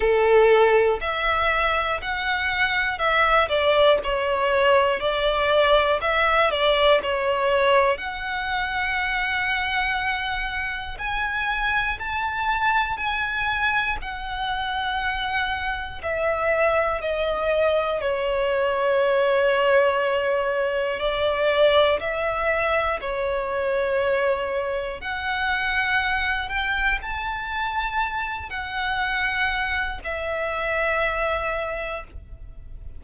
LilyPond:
\new Staff \with { instrumentName = "violin" } { \time 4/4 \tempo 4 = 60 a'4 e''4 fis''4 e''8 d''8 | cis''4 d''4 e''8 d''8 cis''4 | fis''2. gis''4 | a''4 gis''4 fis''2 |
e''4 dis''4 cis''2~ | cis''4 d''4 e''4 cis''4~ | cis''4 fis''4. g''8 a''4~ | a''8 fis''4. e''2 | }